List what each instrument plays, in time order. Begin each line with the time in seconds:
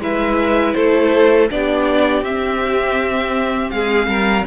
0.00 cello G#3, viola E4, violin B4 E5
0.74 cello A3, violin A4 C5
1.50 cello B3, viola D4, violin G4 D5
2.22 cello C4, viola C4, violin E5
3.71 cello G#3, violin G#4 F5
4.07 cello G3, violin A#4